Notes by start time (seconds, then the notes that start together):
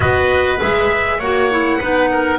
0.00 B3 F#4 B4 D#5
0.58 G#3 G#4 E5
1.18 A#3 F#4 C#5 F#5
1.51 E4
1.79 B3 D#4 B4
2.11 A#4